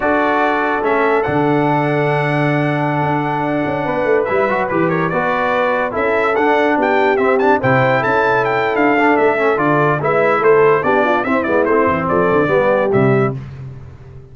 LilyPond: <<
  \new Staff \with { instrumentName = "trumpet" } { \time 4/4 \tempo 4 = 144 d''2 e''4 fis''4~ | fis''1~ | fis''2~ fis''16 e''4 b'8 cis''16~ | cis''16 d''2 e''4 fis''8.~ |
fis''16 g''4 e''8 a''8 g''4 a''8.~ | a''16 g''8. f''4 e''4 d''4 | e''4 c''4 d''4 e''8 d''8 | c''4 d''2 e''4 | }
  \new Staff \with { instrumentName = "horn" } { \time 4/4 a'1~ | a'1~ | a'4~ a'16 b'2~ b'8 ais'16~ | ais'16 b'2 a'4.~ a'16~ |
a'16 g'2 c''4 a'8.~ | a'1 | b'4 a'4 g'8 f'8 e'4~ | e'4 a'4 g'2 | }
  \new Staff \with { instrumentName = "trombone" } { \time 4/4 fis'2 cis'4 d'4~ | d'1~ | d'2~ d'16 e'8 fis'8 g'8.~ | g'16 fis'2 e'4 d'8.~ |
d'4~ d'16 c'8 d'8 e'4.~ e'16~ | e'4. d'4 cis'8 f'4 | e'2 d'4 c'8 b8 | c'2 b4 g4 | }
  \new Staff \with { instrumentName = "tuba" } { \time 4/4 d'2 a4 d4~ | d2.~ d16 d'8.~ | d'8. cis'8 b8 a8 g8 fis8 e8.~ | e16 b2 cis'4 d'8.~ |
d'16 b4 c'4 c4 cis'8.~ | cis'4 d'4 a4 d4 | gis4 a4 b4 c'8 gis8 | a8 e8 f8 d8 g4 c4 | }
>>